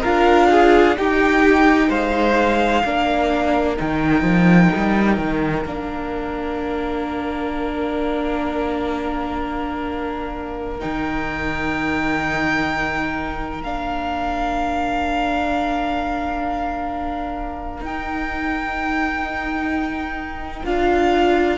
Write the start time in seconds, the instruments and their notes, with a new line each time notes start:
0.00 cello D4, viola F4, violin A#4 F5
0.50 violin G#4
0.96 viola D#4, cello D#4, violin G4 G5
1.88 cello G#3, violin C5 F5
2.84 cello A#3, viola D4, violin A#4
3.76 cello D#3, viola D#4, violin G5
4.22 cello F3
4.76 cello G3
5.17 cello D#3
5.64 cello A#3, viola D4, violin F5
10.79 cello D#3, viola D#4, violin G5
13.61 cello A#3, viola D4, violin F5
17.80 cello D#4, viola D#4, violin G5
20.65 cello D4, viola F4, violin F5